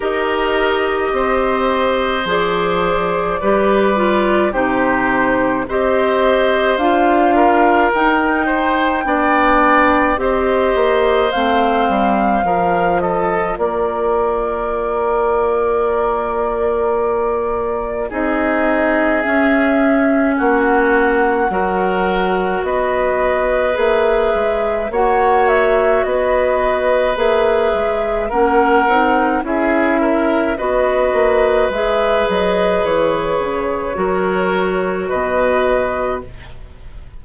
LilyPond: <<
  \new Staff \with { instrumentName = "flute" } { \time 4/4 \tempo 4 = 53 dis''2 d''2 | c''4 dis''4 f''4 g''4~ | g''4 dis''4 f''4. dis''8 | d''1 |
dis''4 e''4 fis''2 | dis''4 e''4 fis''8 e''8 dis''4 | e''4 fis''4 e''4 dis''4 | e''8 dis''8 cis''2 dis''4 | }
  \new Staff \with { instrumentName = "oboe" } { \time 4/4 ais'4 c''2 b'4 | g'4 c''4. ais'4 c''8 | d''4 c''2 ais'8 a'8 | ais'1 |
gis'2 fis'4 ais'4 | b'2 cis''4 b'4~ | b'4 ais'4 gis'8 ais'8 b'4~ | b'2 ais'4 b'4 | }
  \new Staff \with { instrumentName = "clarinet" } { \time 4/4 g'2 gis'4 g'8 f'8 | dis'4 g'4 f'4 dis'4 | d'4 g'4 c'4 f'4~ | f'1 |
dis'4 cis'2 fis'4~ | fis'4 gis'4 fis'2 | gis'4 cis'8 dis'8 e'4 fis'4 | gis'2 fis'2 | }
  \new Staff \with { instrumentName = "bassoon" } { \time 4/4 dis'4 c'4 f4 g4 | c4 c'4 d'4 dis'4 | b4 c'8 ais8 a8 g8 f4 | ais1 |
c'4 cis'4 ais4 fis4 | b4 ais8 gis8 ais4 b4 | ais8 gis8 ais8 c'8 cis'4 b8 ais8 | gis8 fis8 e8 cis8 fis4 b,4 | }
>>